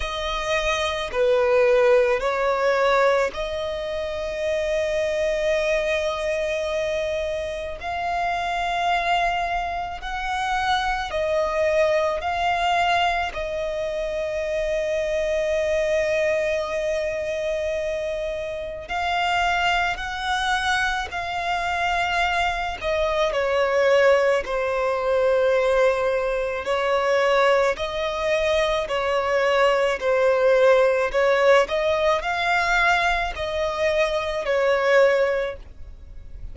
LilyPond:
\new Staff \with { instrumentName = "violin" } { \time 4/4 \tempo 4 = 54 dis''4 b'4 cis''4 dis''4~ | dis''2. f''4~ | f''4 fis''4 dis''4 f''4 | dis''1~ |
dis''4 f''4 fis''4 f''4~ | f''8 dis''8 cis''4 c''2 | cis''4 dis''4 cis''4 c''4 | cis''8 dis''8 f''4 dis''4 cis''4 | }